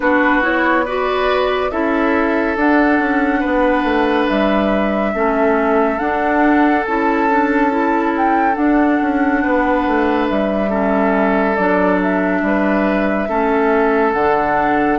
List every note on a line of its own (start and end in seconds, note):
0.00 1.71 B3
0.00 0.41 D4
0.00 0.85 F#4
0.00 0.42 B4
0.41 0.84 E4
0.41 0.85 C#5
0.85 1.71 F#4
0.85 1.70 B4
0.85 1.70 D5
1.70 2.56 C#4
1.70 2.56 E4
1.70 3.39 A4
1.70 2.56 E5
2.56 2.99 D4
2.56 5.14 D4
2.56 4.28 F#5
2.99 3.42 C#4
3.39 3.84 B3
3.39 5.11 B4
3.84 4.27 A3
4.28 5.14 G3
4.28 5.98 E5
5.14 5.99 A3
5.14 5.99 C#4
5.14 9.42 A4
5.98 6.85 D4
5.98 6.84 F#5
6.84 8.57 C#4
6.84 7.29 E4
6.84 8.13 A5
7.29 7.70 D4
7.70 8.52 E4
8.17 8.55 G5
8.52 10.67 D4
8.52 8.99 D4
8.52 10.26 F#5
9.01 9.44 C#4
9.42 9.86 B3
9.42 10.69 B4
9.86 10.29 A3
10.28 11.58 G3
10.28 11.56 E5
10.69 11.55 C#4
10.69 12.41 A4
11.56 12.41 F#3
11.56 13.29 D4
11.56 11.99 D5
12.02 14.12 E5
12.41 13.27 G3
12.41 13.29 B4
13.28 14.14 A3
13.28 14.14 C#4
13.28 14.99 A4
14.12 14.99 D3
14.12 14.99 D4
14.12 14.98 F#5